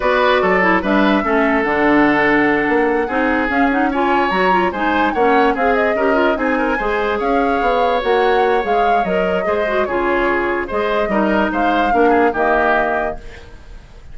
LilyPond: <<
  \new Staff \with { instrumentName = "flute" } { \time 4/4 \tempo 4 = 146 d''2 e''2 | fis''1~ | fis''8 f''8 fis''8 gis''4 ais''4 gis''8~ | gis''8 fis''4 f''8 dis''4. gis''8~ |
gis''4. f''2 fis''8~ | fis''4 f''4 dis''2 | cis''2 dis''2 | f''2 dis''2 | }
  \new Staff \with { instrumentName = "oboe" } { \time 4/4 b'4 a'4 b'4 a'4~ | a'2.~ a'8 gis'8~ | gis'4. cis''2 c''8~ | c''8 cis''4 gis'4 ais'4 gis'8 |
ais'8 c''4 cis''2~ cis''8~ | cis''2. c''4 | gis'2 c''4 ais'4 | c''4 ais'8 gis'8 g'2 | }
  \new Staff \with { instrumentName = "clarinet" } { \time 4/4 fis'4. e'8 d'4 cis'4 | d'2.~ d'8 dis'8~ | dis'8 cis'8 dis'8 f'4 fis'8 f'8 dis'8~ | dis'8 cis'4 gis'4 g'8 f'8 dis'8~ |
dis'8 gis'2. fis'8~ | fis'4 gis'4 ais'4 gis'8 fis'8 | f'2 gis'4 dis'4~ | dis'4 d'4 ais2 | }
  \new Staff \with { instrumentName = "bassoon" } { \time 4/4 b4 fis4 g4 a4 | d2~ d8 ais4 c'8~ | c'8 cis'2 fis4 gis8~ | gis8 ais4 c'4 cis'4 c'8~ |
c'8 gis4 cis'4 b4 ais8~ | ais4 gis4 fis4 gis4 | cis2 gis4 g4 | gis4 ais4 dis2 | }
>>